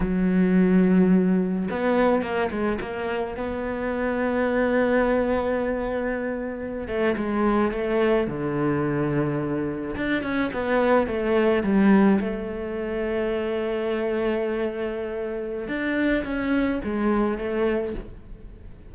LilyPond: \new Staff \with { instrumentName = "cello" } { \time 4/4 \tempo 4 = 107 fis2. b4 | ais8 gis8 ais4 b2~ | b1~ | b16 a8 gis4 a4 d4~ d16~ |
d4.~ d16 d'8 cis'8 b4 a16~ | a8. g4 a2~ a16~ | a1 | d'4 cis'4 gis4 a4 | }